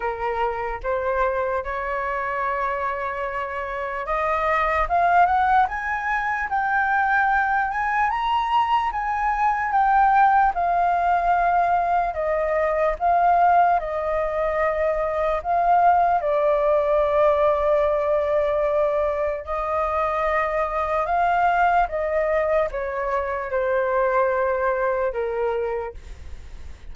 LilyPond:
\new Staff \with { instrumentName = "flute" } { \time 4/4 \tempo 4 = 74 ais'4 c''4 cis''2~ | cis''4 dis''4 f''8 fis''8 gis''4 | g''4. gis''8 ais''4 gis''4 | g''4 f''2 dis''4 |
f''4 dis''2 f''4 | d''1 | dis''2 f''4 dis''4 | cis''4 c''2 ais'4 | }